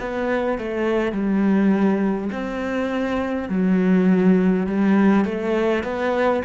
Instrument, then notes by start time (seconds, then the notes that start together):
cello
0.00 B3
0.58 A3
1.12 G3
2.32 C4
3.49 F#3
4.66 G3
5.25 A3
5.83 B3